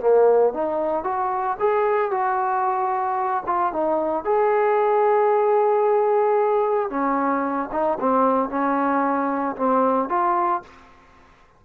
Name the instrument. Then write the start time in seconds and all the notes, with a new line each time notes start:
trombone
0.00 A#3
0.53 D#4
1.04 F#4
1.59 G#4
2.10 F#4
3.46 F4
3.72 D#4
4.24 G#4
6.89 C#4
7.71 D#4
7.99 C4
8.49 C#4
9.56 C4
10.09 F4